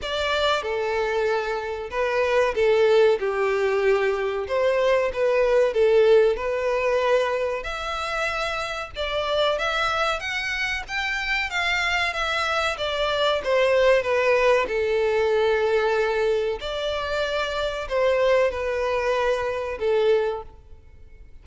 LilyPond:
\new Staff \with { instrumentName = "violin" } { \time 4/4 \tempo 4 = 94 d''4 a'2 b'4 | a'4 g'2 c''4 | b'4 a'4 b'2 | e''2 d''4 e''4 |
fis''4 g''4 f''4 e''4 | d''4 c''4 b'4 a'4~ | a'2 d''2 | c''4 b'2 a'4 | }